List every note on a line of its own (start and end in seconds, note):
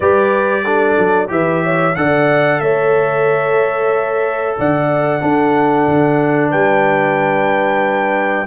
0.00 0.97 G3
0.00 0.65 G4
0.00 0.63 B4
0.00 1.29 D5
0.63 1.28 D4
0.63 1.29 A4
0.97 1.30 F#3
1.28 1.95 E3
1.28 1.93 G4
1.28 1.63 B4
1.28 1.95 E5
1.63 1.96 C#5
1.95 2.60 D3
1.95 5.20 A4
1.95 2.62 D5
1.95 2.60 F#5
2.60 4.56 A3
2.60 4.57 C#5
2.60 4.55 E5
4.57 5.21 D3
4.57 5.22 D5
4.57 6.51 F#5
5.20 8.46 D4
5.20 5.87 D4
5.20 6.50 A4
5.87 6.52 D3
6.50 8.46 G3
6.50 8.45 B4
6.50 8.46 G5